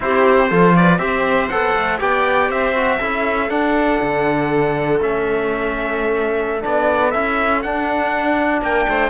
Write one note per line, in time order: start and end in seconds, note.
0.00 0.50 C4
0.00 0.48 E4
0.00 0.49 G4
0.00 0.76 C5
0.49 0.98 F3
0.49 0.98 F4
0.49 0.74 A4
0.76 1.00 B4
0.76 0.98 D5
0.98 1.48 C4
0.98 1.48 G4
0.98 2.00 C5
0.98 1.48 E5
1.49 1.75 B3
1.49 1.99 A4
1.49 1.99 F#5
1.75 2.00 A3
1.99 2.49 B3
1.99 2.74 G4
1.99 2.49 D5
1.99 2.51 G5
2.49 2.99 C4
2.49 2.99 C5
2.49 3.50 E5
2.75 3.00 F#4
2.99 3.50 C#4
2.99 3.49 E4
2.99 8.61 A4
3.49 4.99 D4
3.49 4.00 D4
3.49 5.00 F#5
4.01 5.01 D3
5.01 6.63 A3
5.01 6.60 C#4
5.01 6.64 E5
6.60 7.14 B3
6.60 7.10 D4
6.60 7.10 D5
7.10 7.64 C#4
7.10 7.64 E4
7.10 7.60 E5
7.62 8.61 D4
7.62 9.09 D4
7.62 8.62 F#5
8.61 8.86 A#3
8.61 8.87 A#4
8.61 9.09 G5
8.88 9.09 A3
8.88 9.09 C5